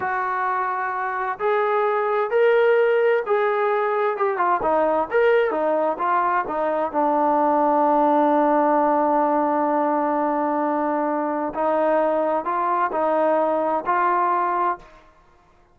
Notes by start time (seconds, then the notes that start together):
0.00 F#4
1.39 G#4
2.30 A#4
3.26 G#4
4.16 G4
4.37 F4
4.62 D#4
5.10 A#4
5.50 D#4
5.98 F4
6.47 D#4
6.92 D4
11.54 D#4
12.44 F4
12.91 D#4
13.86 F4